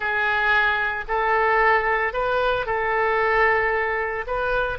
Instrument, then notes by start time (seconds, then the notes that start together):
oboe
0.00 G#4
1.08 A4
2.13 B4
2.65 A4
4.26 B4